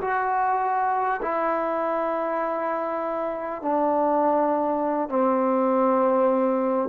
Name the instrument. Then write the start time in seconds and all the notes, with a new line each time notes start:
trombone
0.00 F#4
1.22 E4
3.62 D4
5.09 C4